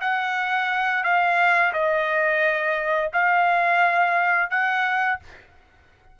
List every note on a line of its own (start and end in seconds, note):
0.00 1.03 F#5
1.03 1.72 F5
1.73 3.11 D#5
3.13 4.50 F5
4.50 5.19 F#5